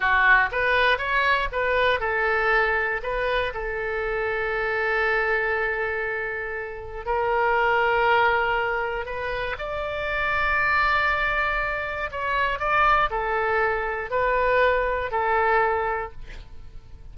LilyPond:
\new Staff \with { instrumentName = "oboe" } { \time 4/4 \tempo 4 = 119 fis'4 b'4 cis''4 b'4 | a'2 b'4 a'4~ | a'1~ | a'2 ais'2~ |
ais'2 b'4 d''4~ | d''1 | cis''4 d''4 a'2 | b'2 a'2 | }